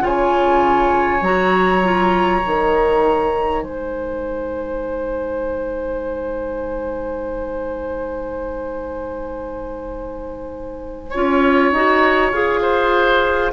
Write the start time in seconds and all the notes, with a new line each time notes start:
0.00 C#3 F4 C#5 G#5
1.21 F#3 F#4 A#5
1.83 F4
2.42 D#3 D#4
3.63 G#3 C5 G#5
11.10 C#4 F4 C#5
11.72 D#4 F#4
12.32 F4 G#4
12.62 C5